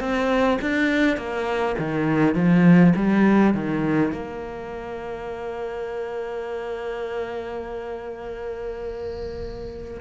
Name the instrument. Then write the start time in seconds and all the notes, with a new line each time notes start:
cello
0.00 C4
0.61 D4
1.17 A#3
1.79 D#3
2.35 F3
2.96 G3
3.55 D#3
4.12 A#3